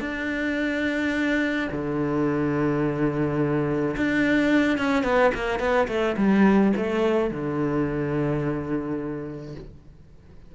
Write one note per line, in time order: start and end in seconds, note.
0.00 1.68 D4
1.71 3.96 D3
3.97 4.78 D4
4.78 5.03 C#4
5.03 5.31 B3
5.34 5.59 A#3
5.59 5.87 B3
5.88 6.16 A3
6.17 6.73 G3
6.76 7.30 A3
7.30 9.55 D3